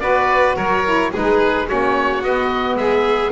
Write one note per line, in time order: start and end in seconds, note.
0.00 0.56 B3
0.00 0.83 F#4
0.00 0.56 B4
0.00 0.55 D5
0.56 1.12 F#3
0.56 1.11 A#4
0.56 1.12 C#5
0.84 1.12 E4
1.11 1.70 G#3
1.11 1.67 D#4
1.11 1.67 G#4
1.11 1.68 B4
1.67 2.22 A#3
1.67 2.22 C#4
1.67 2.78 F#4
1.67 2.23 C#5
2.22 2.75 B3
2.22 3.32 B3
2.22 2.76 D#5
2.75 3.30 G#3
2.75 3.32 G#4
2.75 3.31 E5